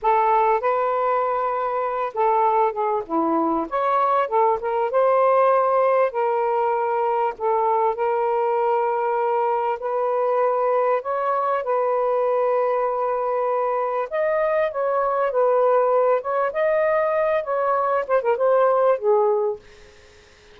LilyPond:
\new Staff \with { instrumentName = "saxophone" } { \time 4/4 \tempo 4 = 98 a'4 b'2~ b'8 a'8~ | a'8 gis'8 e'4 cis''4 a'8 ais'8 | c''2 ais'2 | a'4 ais'2. |
b'2 cis''4 b'4~ | b'2. dis''4 | cis''4 b'4. cis''8 dis''4~ | dis''8 cis''4 c''16 ais'16 c''4 gis'4 | }